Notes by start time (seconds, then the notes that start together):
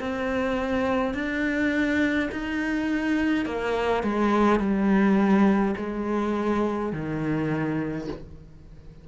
0.00 C4
1.15 D4
2.32 D#4
3.46 A#3
4.03 G#3
4.60 G3
5.77 G#3
6.93 D#3